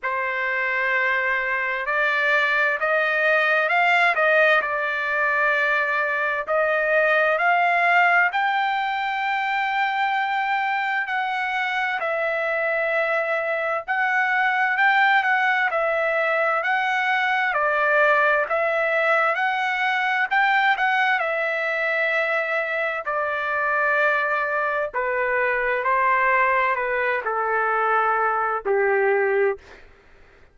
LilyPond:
\new Staff \with { instrumentName = "trumpet" } { \time 4/4 \tempo 4 = 65 c''2 d''4 dis''4 | f''8 dis''8 d''2 dis''4 | f''4 g''2. | fis''4 e''2 fis''4 |
g''8 fis''8 e''4 fis''4 d''4 | e''4 fis''4 g''8 fis''8 e''4~ | e''4 d''2 b'4 | c''4 b'8 a'4. g'4 | }